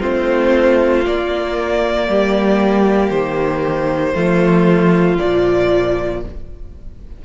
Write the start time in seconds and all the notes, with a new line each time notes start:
0.00 A3 C4 F4 C5
1.06 A#3 D5
2.09 G3 G4
3.10 D#3 C5
4.14 F3 A3 F4
5.19 A#2 F3 D5